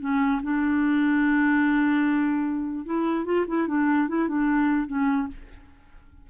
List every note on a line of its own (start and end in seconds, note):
0.00 0.41 C#4
0.43 2.85 D4
2.85 3.25 E4
3.25 3.45 F4
3.47 3.67 E4
3.67 4.08 D4
4.08 4.28 E4
4.28 4.87 D4
4.87 5.28 C#4